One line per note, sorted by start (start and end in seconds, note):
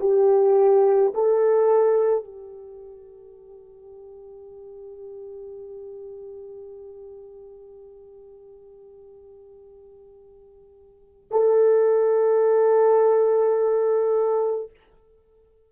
0.00 1.13 G4
1.14 2.24 A4
2.24 11.30 G4
11.31 14.70 A4